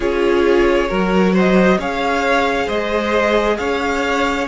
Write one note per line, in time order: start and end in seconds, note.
0.00 0.89 C#4
0.00 0.87 F4
0.00 0.88 G#4
0.00 1.35 C#5
0.87 1.77 F#3
0.87 1.77 F#4
0.87 1.33 A#4
1.33 1.78 C5
1.33 1.80 D#5
1.77 2.67 C#4
1.77 4.48 G#4
1.77 2.66 C#5
1.77 2.68 F5
2.66 3.58 G#3
2.66 3.56 C5
2.66 3.57 D#5
3.57 4.48 C#4
3.57 4.48 C#5
3.57 4.47 F5